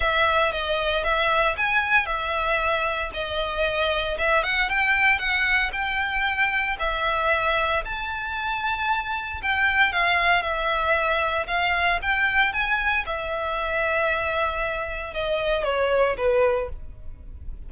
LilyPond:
\new Staff \with { instrumentName = "violin" } { \time 4/4 \tempo 4 = 115 e''4 dis''4 e''4 gis''4 | e''2 dis''2 | e''8 fis''8 g''4 fis''4 g''4~ | g''4 e''2 a''4~ |
a''2 g''4 f''4 | e''2 f''4 g''4 | gis''4 e''2.~ | e''4 dis''4 cis''4 b'4 | }